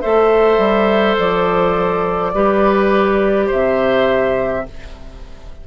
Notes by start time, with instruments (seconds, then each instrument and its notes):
0.00 bassoon A3, clarinet A4, oboe C5, flute E5
0.58 bassoon G3
1.18 bassoon F3, flute D5
2.34 bassoon G3, clarinet G4, oboe B4
3.46 bassoon C3, oboe C5, flute E5